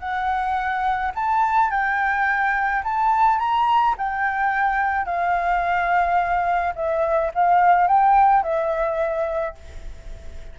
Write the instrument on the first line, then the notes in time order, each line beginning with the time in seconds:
flute
0.00 F#5
1.15 A5
1.71 G5
2.84 A5
3.39 A#5
3.98 G5
5.06 F5
6.76 E5
7.34 F5
7.88 G5
8.43 E5